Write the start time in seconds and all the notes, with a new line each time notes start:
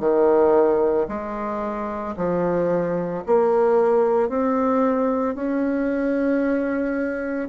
0.00 D#3
1.08 G#3
2.17 F3
3.26 A#3
4.29 C4
5.35 C#4